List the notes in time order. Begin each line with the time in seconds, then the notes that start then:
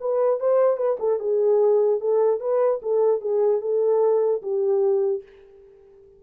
0.00 B4
0.40 C5
0.77 B4
0.99 A4
1.19 G#4
2.00 A4
2.40 B4
2.82 A4
3.21 G#4
3.61 A4
4.42 G4